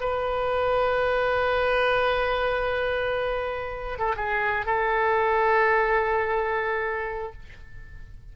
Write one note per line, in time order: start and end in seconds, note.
0.00 3.98 B4
3.98 4.15 A4
4.16 4.66 G#4
4.66 7.32 A4